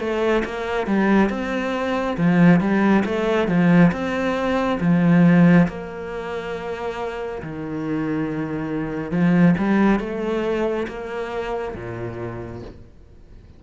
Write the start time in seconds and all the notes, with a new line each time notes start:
0.00 A3
0.45 A#3
0.87 G3
1.30 C4
2.17 F3
2.60 G3
3.06 A3
3.48 F3
3.92 C4
4.81 F3
5.68 A#3
7.43 D#3
9.11 F3
9.58 G3
10.00 A3
10.88 A#3
11.75 A#2